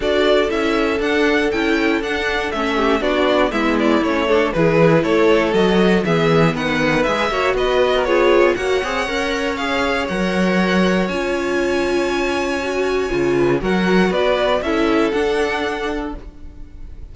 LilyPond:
<<
  \new Staff \with { instrumentName = "violin" } { \time 4/4 \tempo 4 = 119 d''4 e''4 fis''4 g''4 | fis''4 e''4 d''4 e''8 d''8 | cis''4 b'4 cis''4 dis''4 | e''4 fis''4 e''4 dis''4 |
cis''4 fis''2 f''4 | fis''2 gis''2~ | gis''2. fis''4 | d''4 e''4 fis''2 | }
  \new Staff \with { instrumentName = "violin" } { \time 4/4 a'1~ | a'4. g'8 fis'4 e'4~ | e'8 a'8 gis'4 a'2 | gis'4 b'4. cis''8 b'8. ais'16 |
gis'4 cis''2.~ | cis''1~ | cis''2~ cis''8 b'8 ais'4 | b'4 a'2. | }
  \new Staff \with { instrumentName = "viola" } { \time 4/4 fis'4 e'4 d'4 e'4 | d'4 cis'4 d'4 b4 | cis'8 d'8 e'2 fis'4 | b2 gis'8 fis'4. |
f'4 fis'8 gis'8 ais'4 gis'4 | ais'2 f'2~ | f'4 fis'4 f'4 fis'4~ | fis'4 e'4 d'2 | }
  \new Staff \with { instrumentName = "cello" } { \time 4/4 d'4 cis'4 d'4 cis'4 | d'4 a4 b4 gis4 | a4 e4 a4 fis4 | e4 dis4 gis8 ais8 b4~ |
b4 ais8 c'8 cis'2 | fis2 cis'2~ | cis'2 cis4 fis4 | b4 cis'4 d'2 | }
>>